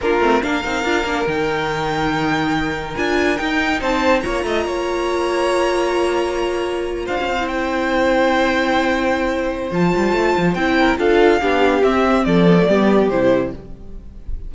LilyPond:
<<
  \new Staff \with { instrumentName = "violin" } { \time 4/4 \tempo 4 = 142 ais'4 f''2 g''4~ | g''2. gis''4 | g''4 a''4 ais''2~ | ais''1~ |
ais''8. f''4 g''2~ g''16~ | g''2. a''4~ | a''4 g''4 f''2 | e''4 d''2 c''4 | }
  \new Staff \with { instrumentName = "violin" } { \time 4/4 f'4 ais'2.~ | ais'1~ | ais'4 c''4 cis''8 dis''8 cis''4~ | cis''1~ |
cis''8. c''2.~ c''16~ | c''1~ | c''4. ais'8 a'4 g'4~ | g'4 a'4 g'2 | }
  \new Staff \with { instrumentName = "viola" } { \time 4/4 d'8 c'8 d'8 dis'8 f'8 d'8 dis'4~ | dis'2. f'4 | dis'2 f'2~ | f'1~ |
f'4. e'2~ e'8~ | e'2. f'4~ | f'4 e'4 f'4 d'4 | c'4. b16 a16 b4 e'4 | }
  \new Staff \with { instrumentName = "cello" } { \time 4/4 ais8 a8 ais8 c'8 d'8 ais8 dis4~ | dis2. d'4 | dis'4 c'4 ais8 a8 ais4~ | ais1~ |
ais8. d'16 cis'16 c'2~ c'8.~ | c'2. f8 g8 | a8 f8 c'4 d'4 b4 | c'4 f4 g4 c4 | }
>>